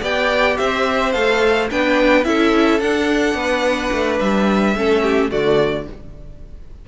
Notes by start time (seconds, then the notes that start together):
0.00 B3 G4 D5 G5
0.57 C4 C5 E5
1.12 A3 A4 F5
1.70 B3 D4 B4 G5
2.24 C#4 E4 A4 E5
2.80 D4 F#5
3.34 B3 B4
3.92 A3
4.19 G3 E5
4.75 A3 C#4 A4
5.02 G4
5.30 D3 A3 F#4 D5